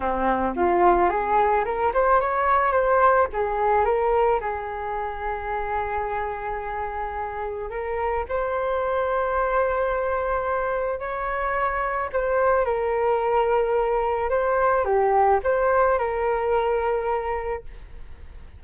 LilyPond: \new Staff \with { instrumentName = "flute" } { \time 4/4 \tempo 4 = 109 c'4 f'4 gis'4 ais'8 c''8 | cis''4 c''4 gis'4 ais'4 | gis'1~ | gis'2 ais'4 c''4~ |
c''1 | cis''2 c''4 ais'4~ | ais'2 c''4 g'4 | c''4 ais'2. | }